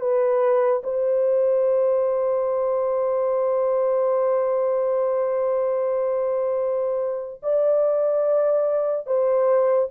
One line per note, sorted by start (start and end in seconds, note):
0.00 0.82 B4
0.83 7.41 C5
7.42 9.06 D5
9.06 9.89 C5